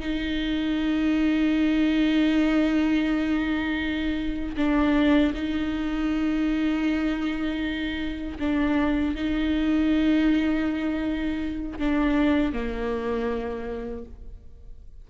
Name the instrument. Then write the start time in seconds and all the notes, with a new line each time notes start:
viola
0.00 D#4
4.57 D4
5.34 D#4
8.39 D4
9.15 D#4
11.79 D4
12.53 A#3